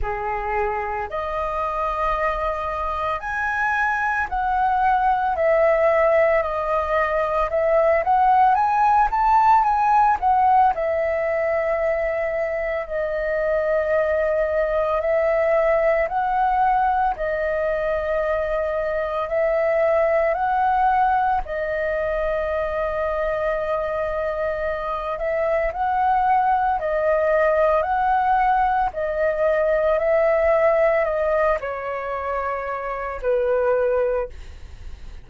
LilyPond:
\new Staff \with { instrumentName = "flute" } { \time 4/4 \tempo 4 = 56 gis'4 dis''2 gis''4 | fis''4 e''4 dis''4 e''8 fis''8 | gis''8 a''8 gis''8 fis''8 e''2 | dis''2 e''4 fis''4 |
dis''2 e''4 fis''4 | dis''2.~ dis''8 e''8 | fis''4 dis''4 fis''4 dis''4 | e''4 dis''8 cis''4. b'4 | }